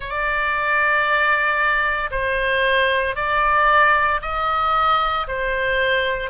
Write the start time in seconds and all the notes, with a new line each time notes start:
0.00 D5
2.11 C5
3.15 D5
4.21 D#5
5.27 C5